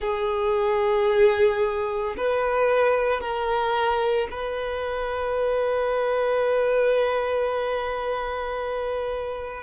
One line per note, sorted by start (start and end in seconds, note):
0.00 2.15 G#4
2.17 3.20 B4
3.20 4.28 A#4
4.31 9.63 B4